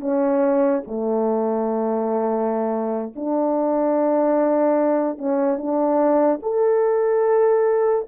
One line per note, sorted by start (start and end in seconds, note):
0.00 0.82 C#4
0.87 3.13 A3
3.16 5.18 D4
5.18 5.58 C#4
5.58 6.40 D4
6.42 8.07 A4